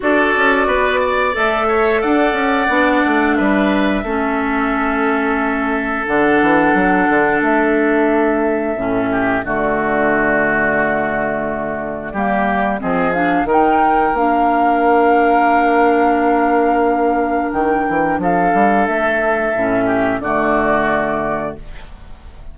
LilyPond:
<<
  \new Staff \with { instrumentName = "flute" } { \time 4/4 \tempo 4 = 89 d''2 e''4 fis''4~ | fis''4 e''2.~ | e''4 fis''2 e''4~ | e''2 d''2~ |
d''2. dis''8 f''8 | g''4 f''2.~ | f''2 g''4 f''4 | e''2 d''2 | }
  \new Staff \with { instrumentName = "oboe" } { \time 4/4 a'4 b'8 d''4 cis''8 d''4~ | d''4 b'4 a'2~ | a'1~ | a'4. g'8 fis'2~ |
fis'2 g'4 gis'4 | ais'1~ | ais'2. a'4~ | a'4. g'8 fis'2 | }
  \new Staff \with { instrumentName = "clarinet" } { \time 4/4 fis'2 a'2 | d'2 cis'2~ | cis'4 d'2.~ | d'4 cis'4 a2~ |
a2 ais4 c'8 d'8 | dis'4 d'2.~ | d'1~ | d'4 cis'4 a2 | }
  \new Staff \with { instrumentName = "bassoon" } { \time 4/4 d'8 cis'8 b4 a4 d'8 cis'8 | b8 a8 g4 a2~ | a4 d8 e8 fis8 d8 a4~ | a4 a,4 d2~ |
d2 g4 f4 | dis4 ais2.~ | ais2 dis8 e8 f8 g8 | a4 a,4 d2 | }
>>